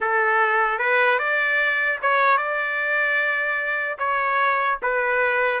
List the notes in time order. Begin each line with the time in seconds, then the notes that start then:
0.00 A4
0.79 B4
1.19 D5
2.01 C#5
2.37 D5
3.98 C#5
4.82 B4